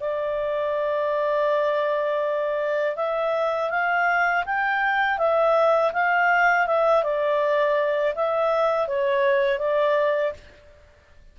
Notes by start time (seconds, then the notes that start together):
0.00 D5
2.96 E5
3.70 F5
4.46 G5
5.18 E5
5.93 F5
6.67 E5
7.03 D5
8.15 E5
8.88 C#5
9.59 D5